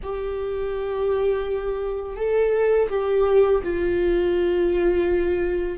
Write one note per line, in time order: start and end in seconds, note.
0.02 2.16 G4
2.16 2.88 A4
2.89 3.61 G4
3.63 5.78 F4